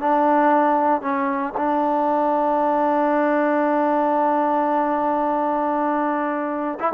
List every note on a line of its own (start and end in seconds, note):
0.00 1.01 D4
1.01 1.53 C#4
1.57 6.78 D4
6.79 6.92 E4